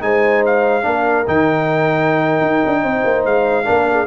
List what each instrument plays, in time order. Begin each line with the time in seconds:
0.00 tuba G#3, trombone D#4, horn C5, trumpet G#5
0.45 trumpet F5
0.82 tuba A#3, trombone D4, horn A#4
1.27 tuba D#3, trombone D#4, trumpet G5
2.41 tuba D#4
2.65 tuba D4
2.83 tuba C4, horn C5
3.04 tuba A#3
3.25 tuba G#3, trumpet F5
3.64 tuba A#3, trombone D4, horn A#4
3.91 horn G#4